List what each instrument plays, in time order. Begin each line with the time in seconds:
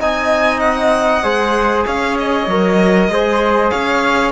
0.00 cello C4, trombone D#4, flute D#5, violin G#5
0.60 violin F#5
1.23 cello G#3, trombone G#4, flute C5
1.86 cello C#4, flute C#5, violin F5
2.19 violin D#5
2.48 cello F#3, trombone A#4
3.09 cello G#3, trombone G#4, flute C5
3.70 cello C#4, flute C#5, violin F5